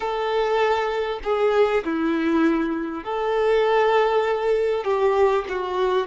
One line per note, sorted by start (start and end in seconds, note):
0.00 1.19 A4
1.23 1.84 G#4
1.84 3.03 E4
3.03 4.84 A4
4.84 5.44 G4
5.48 6.07 F#4